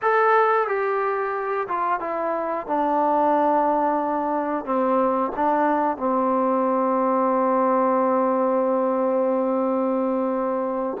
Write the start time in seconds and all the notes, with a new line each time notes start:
0.02 A4
0.67 G4
1.68 F4
2.00 E4
2.67 D4
4.65 C4
5.35 D4
5.97 C4